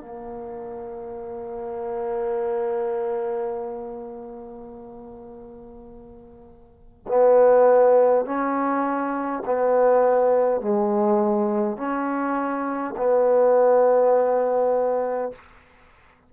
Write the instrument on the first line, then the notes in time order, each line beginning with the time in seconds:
trombone
0.00 A#3
7.08 B3
8.26 C#4
9.45 B3
10.61 G#3
11.77 C#4
12.97 B3